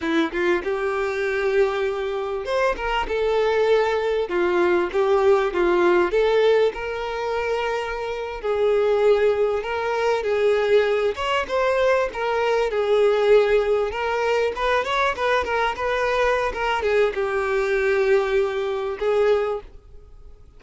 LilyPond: \new Staff \with { instrumentName = "violin" } { \time 4/4 \tempo 4 = 98 e'8 f'8 g'2. | c''8 ais'8 a'2 f'4 | g'4 f'4 a'4 ais'4~ | ais'4.~ ais'16 gis'2 ais'16~ |
ais'8. gis'4. cis''8 c''4 ais'16~ | ais'8. gis'2 ais'4 b'16~ | b'16 cis''8 b'8 ais'8 b'4~ b'16 ais'8 gis'8 | g'2. gis'4 | }